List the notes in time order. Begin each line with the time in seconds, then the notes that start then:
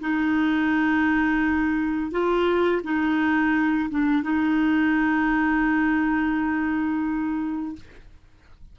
0.00 D#4
2.11 F4
2.83 D#4
3.90 D4
4.23 D#4